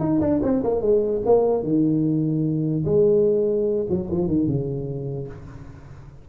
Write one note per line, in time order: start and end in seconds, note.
0.00 0.20 D#4
0.21 0.41 D4
0.43 0.63 C4
0.64 0.81 A#3
0.81 1.22 G#3
1.25 1.63 A#3
1.63 2.85 D#3
2.85 3.87 G#3
3.90 4.10 F#3
4.11 4.28 F3
4.28 4.47 D#3
4.47 5.28 C#3